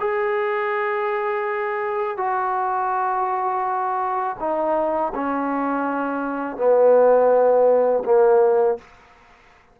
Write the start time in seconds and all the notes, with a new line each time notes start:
0.00 G#4
2.17 F#4
4.40 D#4
5.15 C#4
6.57 B3
8.05 A#3